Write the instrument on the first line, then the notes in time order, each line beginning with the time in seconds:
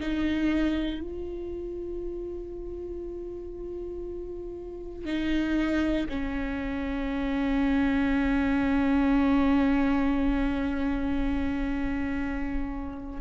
viola
0.00 D#4
1.01 F4
5.06 D#4
6.09 C#4